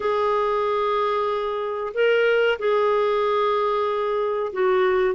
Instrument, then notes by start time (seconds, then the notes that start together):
clarinet
0.00 G#4
1.94 A#4
2.58 G#4
4.52 F#4